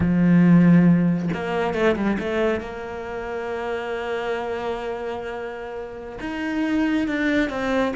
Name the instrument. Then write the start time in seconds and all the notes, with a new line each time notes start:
cello
0.00 F3
1.33 A#3
1.74 A3
1.95 G3
2.19 A3
2.60 A#3
6.20 D#4
7.07 D4
7.49 C4